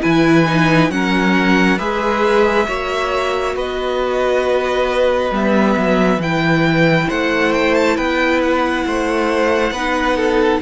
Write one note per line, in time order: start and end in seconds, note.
0.00 0.90 E3
0.00 0.44 E4
0.00 0.90 B4
0.00 0.90 G#5
0.46 0.90 D#4
0.90 1.78 F#3
0.90 1.78 C#4
0.90 1.78 A#4
0.90 1.78 F#5
1.78 2.67 G#3
1.78 2.66 G#4
1.78 2.67 B4
1.78 3.55 E5
2.67 3.55 A#3
2.67 5.31 F#4
2.67 3.55 C#5
3.55 5.31 B3
3.55 7.08 B4
3.55 5.34 D#5
5.31 5.75 G3
5.31 6.20 B3
5.31 6.21 E5
5.77 6.17 F#3
6.17 7.06 E3
6.17 9.75 E4
6.17 7.09 G5
7.08 7.97 A3
7.08 7.96 C5
7.08 7.53 F#5
7.53 7.74 G5
7.74 7.96 A5
7.96 8.85 B3
7.96 8.84 B4
7.96 8.40 G5
8.42 10.61 F#5
8.86 9.71 A3
8.86 9.72 C5
9.71 10.59 B3
9.71 10.61 D#4
9.71 10.16 B4
10.16 10.60 A4